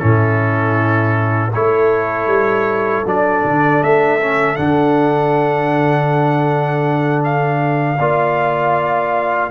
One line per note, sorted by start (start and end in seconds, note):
0.00 1.55 A2
0.00 1.52 C#4
0.00 1.53 E4
0.00 1.52 A4
1.54 2.27 A3
1.54 3.06 E4
1.54 7.98 A4
1.54 3.06 C#5
2.27 3.03 G3
3.06 3.44 F#3
3.06 4.20 D4
3.06 3.83 D5
3.44 3.82 D3
3.83 4.59 A3
3.83 4.56 E5
4.20 4.57 C#4
4.56 8.00 D3
4.56 7.98 D4
4.56 7.22 F#5
7.25 9.52 F5
7.98 9.51 A#3
7.98 9.52 F4
7.98 9.50 D5